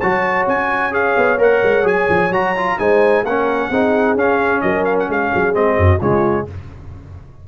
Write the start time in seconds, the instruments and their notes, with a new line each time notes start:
0.00 tuba F#3, trombone F#4, horn C#5, trumpet A5
0.47 tuba C#4, trumpet G#5
0.92 trombone G#4, trumpet F5
1.17 tuba B3
1.38 tuba A#3, trombone A#4, trumpet F#5
1.63 tuba G#3
1.84 tuba F#3, trombone G#4, trumpet G#5
2.09 tuba F3
2.30 tuba F#3, trombone F#4, trumpet A#5
2.57 trombone F4
2.79 tuba G#3, trombone D#4, horn C5, trumpet G#5
3.23 tuba A#3, trombone C#4, horn A#4, trumpet F#5
3.69 tuba C4, trombone D#4, horn G#4
4.15 tuba C#4, trombone C#4, trumpet F5
4.61 tuba F#3, horn A#4, trumpet D#5
4.85 trumpet F5
5.00 trumpet F#5
5.09 tuba G#3, horn G#4, trumpet F5
5.35 tuba F#3
5.53 tuba G#3, trombone C4, trumpet D#5
5.78 tuba F#2, horn F#4
6.00 tuba C#3, trombone G#3, horn F4, trumpet C#5